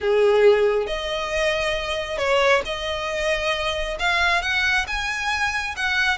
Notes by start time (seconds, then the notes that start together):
0.00 G#4
0.86 D#5
2.17 C#5
2.65 D#5
3.99 F5
4.41 F#5
4.87 G#5
5.76 F#5